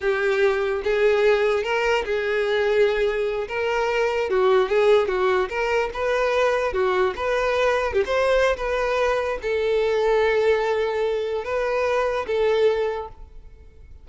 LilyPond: \new Staff \with { instrumentName = "violin" } { \time 4/4 \tempo 4 = 147 g'2 gis'2 | ais'4 gis'2.~ | gis'8 ais'2 fis'4 gis'8~ | gis'8 fis'4 ais'4 b'4.~ |
b'8 fis'4 b'2 g'16 c''16~ | c''4 b'2 a'4~ | a'1 | b'2 a'2 | }